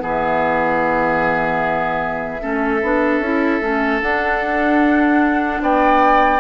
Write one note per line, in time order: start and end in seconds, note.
0.00 2.43 E3
0.00 2.40 B3
0.00 2.42 G#4
0.00 4.02 E5
2.40 2.83 A3
2.40 2.80 C#4
2.40 5.62 A4
2.83 3.20 B3
2.83 3.24 D4
3.20 3.60 C#4
3.20 3.61 E4
3.61 4.01 A3
3.61 4.01 C#4
4.02 5.62 D4
4.02 6.40 D4
4.02 5.62 F#5
5.62 6.40 B3
5.62 6.40 D5
5.62 6.40 G5